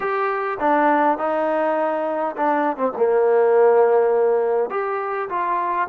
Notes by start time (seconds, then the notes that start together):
0.00 G4
0.60 D4
1.17 D#4
2.36 D4
2.76 C4
2.96 A#3
4.70 G4
5.29 F4